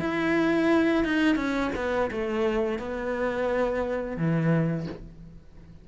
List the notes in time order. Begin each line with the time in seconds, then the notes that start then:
0.00 E4
1.05 D#4
1.36 C#4
1.76 B3
2.12 A3
2.79 B3
4.17 E3